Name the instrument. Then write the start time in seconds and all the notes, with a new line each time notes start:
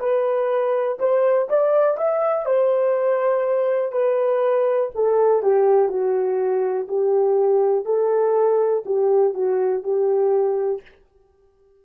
horn
0.00 B4
1.00 C5
1.50 D5
1.98 E5
2.46 C5
3.93 B4
4.95 A4
5.43 G4
5.89 F#4
6.89 G4
7.86 A4
8.86 G4
9.35 F#4
9.84 G4